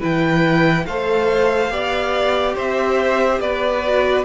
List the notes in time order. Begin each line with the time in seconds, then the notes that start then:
0.00 E3 E4 B4 G5
0.86 A3 A4 C5 F5
1.70 B3 G4 D5
2.55 C4 C5 E5
3.40 B3 B4 D5
3.86 F#4